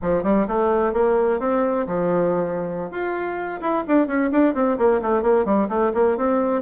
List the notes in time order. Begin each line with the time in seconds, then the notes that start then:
0.02 F3
0.23 G3
0.47 A3
0.93 A#3
1.39 C4
1.86 F3
2.90 F4
3.60 E4
3.87 D4
4.07 C#4
4.31 D4
4.54 C4
4.78 A#3
5.01 A3
5.22 A#3
5.45 G3
5.68 A3
5.93 A#3
6.17 C4